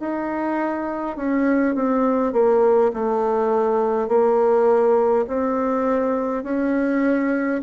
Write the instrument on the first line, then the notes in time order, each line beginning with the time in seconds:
bassoon
0.00 D#4
1.17 C#4
1.75 C4
2.33 A#3
2.94 A3
4.09 A#3
5.27 C4
6.43 C#4